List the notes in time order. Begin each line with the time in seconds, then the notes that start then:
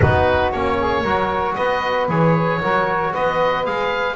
0.00 B3 D#4 F#4 B4
0.51 A#3 C#4 C#5
0.79 G#4
1.02 F#3 F#4 A#4
1.54 B3 B4 D#5
2.08 E3 G#4 C#5
2.61 F#3 F#4 A#4
3.12 B3 B4 D#5
3.65 G#3 G#4 F5